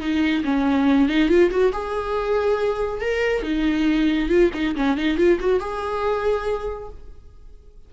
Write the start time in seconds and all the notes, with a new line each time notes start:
0.00 D#4
0.44 C#4
1.09 D#4
1.29 F4
1.50 F#4
1.73 G#4
3.01 A#4
3.43 D#4
4.29 F4
4.54 D#4
4.76 C#4
4.97 D#4
5.17 F4
5.40 F#4
5.60 G#4